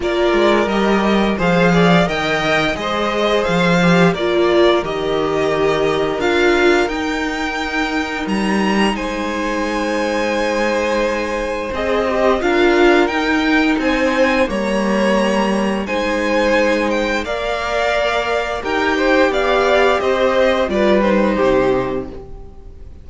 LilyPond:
<<
  \new Staff \with { instrumentName = "violin" } { \time 4/4 \tempo 4 = 87 d''4 dis''4 f''4 g''4 | dis''4 f''4 d''4 dis''4~ | dis''4 f''4 g''2 | ais''4 gis''2.~ |
gis''4 dis''4 f''4 g''4 | gis''4 ais''2 gis''4~ | gis''8 g''8 f''2 g''4 | f''4 dis''4 d''8 c''4. | }
  \new Staff \with { instrumentName = "violin" } { \time 4/4 ais'2 c''8 d''8 dis''4 | c''2 ais'2~ | ais'1~ | ais'4 c''2.~ |
c''2 ais'2 | c''4 cis''2 c''4~ | c''4 d''2 ais'8 c''8 | d''4 c''4 b'4 g'4 | }
  \new Staff \with { instrumentName = "viola" } { \time 4/4 f'4 g'4 gis'4 ais'4 | gis'4. g'8 f'4 g'4~ | g'4 f'4 dis'2~ | dis'1~ |
dis'4 gis'8 g'8 f'4 dis'4~ | dis'4 ais2 dis'4~ | dis'4 ais'2 g'4~ | g'2 f'8 dis'4. | }
  \new Staff \with { instrumentName = "cello" } { \time 4/4 ais8 gis8 g4 f4 dis4 | gis4 f4 ais4 dis4~ | dis4 d'4 dis'2 | g4 gis2.~ |
gis4 c'4 d'4 dis'4 | c'4 g2 gis4~ | gis4 ais2 dis'4 | b4 c'4 g4 c4 | }
>>